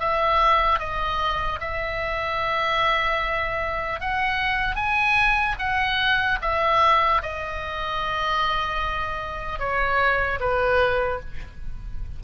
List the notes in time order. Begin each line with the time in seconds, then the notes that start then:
0.00 E5
0.80 D#5
1.61 E5
4.01 F#5
4.76 G#5
5.59 F#5
6.42 E5
7.23 D#5
9.60 C#5
10.40 B4